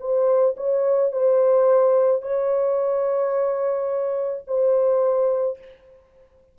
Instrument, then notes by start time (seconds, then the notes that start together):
horn
0.00 C5
0.57 C#5
1.12 C5
2.22 C#5
4.47 C5